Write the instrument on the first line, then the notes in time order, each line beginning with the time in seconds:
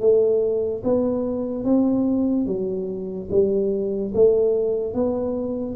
tuba
0.00 A3
0.84 B3
1.64 C4
2.46 F#3
3.31 G3
4.14 A3
4.94 B3